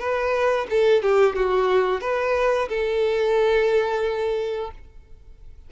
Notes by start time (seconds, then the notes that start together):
0.00 B4
0.70 A4
1.03 G4
1.36 F#4
2.01 B4
2.69 A4